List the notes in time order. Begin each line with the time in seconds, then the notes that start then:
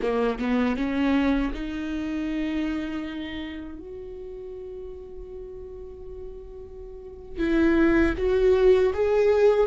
0.01 A#3
0.38 B3
0.76 C#4
1.53 D#4
3.78 F#4
7.38 E4
8.17 F#4
8.93 G#4